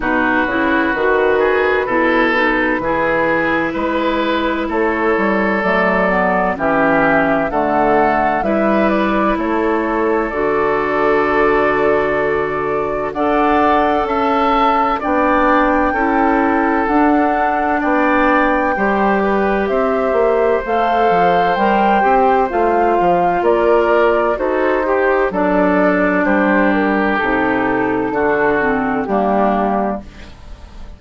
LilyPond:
<<
  \new Staff \with { instrumentName = "flute" } { \time 4/4 \tempo 4 = 64 b'1~ | b'4 cis''4 d''4 e''4 | fis''4 e''8 d''8 cis''4 d''4~ | d''2 fis''4 a''4 |
g''2 fis''4 g''4~ | g''4 e''4 f''4 g''4 | f''4 d''4 c''4 d''4 | c''8 ais'8 a'2 g'4 | }
  \new Staff \with { instrumentName = "oboe" } { \time 4/4 fis'4. gis'8 a'4 gis'4 | b'4 a'2 g'4 | a'4 b'4 a'2~ | a'2 d''4 e''4 |
d''4 a'2 d''4 | c''8 b'8 c''2.~ | c''4 ais'4 a'8 g'8 a'4 | g'2 fis'4 d'4 | }
  \new Staff \with { instrumentName = "clarinet" } { \time 4/4 dis'8 e'8 fis'4 e'8 dis'8 e'4~ | e'2 a8 b8 cis'4 | a4 e'2 fis'4~ | fis'2 a'2 |
d'4 e'4 d'2 | g'2 a'4 ais'8 g'8 | f'2 fis'8 g'8 d'4~ | d'4 dis'4 d'8 c'8 ais4 | }
  \new Staff \with { instrumentName = "bassoon" } { \time 4/4 b,8 cis8 dis4 b,4 e4 | gis4 a8 g8 fis4 e4 | d4 g4 a4 d4~ | d2 d'4 cis'4 |
b4 cis'4 d'4 b4 | g4 c'8 ais8 a8 f8 g8 c'8 | a8 f8 ais4 dis'4 fis4 | g4 c4 d4 g4 | }
>>